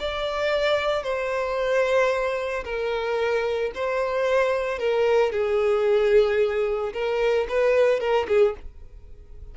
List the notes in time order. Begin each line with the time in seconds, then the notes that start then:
0.00 D5
1.04 C5
2.65 A#4
3.75 C5
4.79 A#4
5.33 G#4
6.94 A#4
7.50 B4
8.00 A#4
8.28 G#4